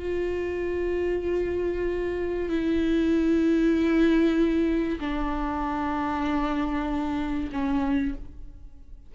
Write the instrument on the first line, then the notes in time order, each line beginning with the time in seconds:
viola
0.00 F4
2.49 E4
5.01 D4
7.53 C#4